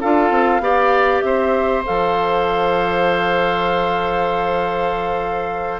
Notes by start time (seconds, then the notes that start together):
0.00 D4 F4 A4 F5
0.30 C4
0.59 B3 G4 D5
1.21 C4 C5 E5
1.85 F3 A4 F5